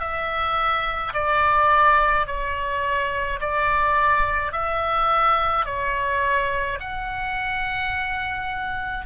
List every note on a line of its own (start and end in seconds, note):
0.00 1.13 E5
1.14 2.27 D5
2.27 3.40 C#5
3.41 4.52 D5
4.52 5.66 E5
5.66 6.79 C#5
6.80 9.06 F#5